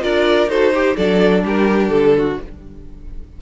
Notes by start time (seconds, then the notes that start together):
0.00 D4 F4 A#4 D5
0.47 D#4 F#4 A4 C5
0.74 G4
0.97 F#3 D4 A4 D5
1.44 G3 G4 A#4
1.89 D3 A4
2.18 F#4